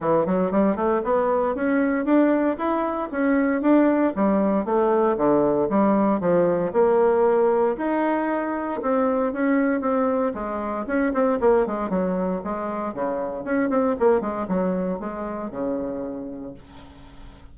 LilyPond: \new Staff \with { instrumentName = "bassoon" } { \time 4/4 \tempo 4 = 116 e8 fis8 g8 a8 b4 cis'4 | d'4 e'4 cis'4 d'4 | g4 a4 d4 g4 | f4 ais2 dis'4~ |
dis'4 c'4 cis'4 c'4 | gis4 cis'8 c'8 ais8 gis8 fis4 | gis4 cis4 cis'8 c'8 ais8 gis8 | fis4 gis4 cis2 | }